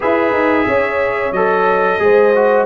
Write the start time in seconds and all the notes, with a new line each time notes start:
0.00 E4 G#4 B4 E5
0.32 D#4
0.67 C#4 C#5
1.32 F#3 A4 D#5
1.99 G#3 G#4 C5
2.34 F#4